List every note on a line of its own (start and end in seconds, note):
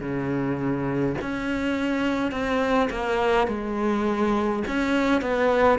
0.00 1.15 C#3
1.21 2.31 C#4
2.31 2.89 C4
2.90 3.47 A#3
3.47 4.63 G#3
4.67 5.21 C#4
5.21 5.79 B3